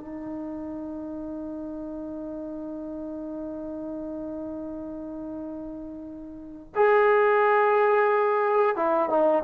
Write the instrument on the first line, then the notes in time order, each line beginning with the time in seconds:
trombone
0.00 D#4
6.76 G#4
8.76 E4
9.10 D#4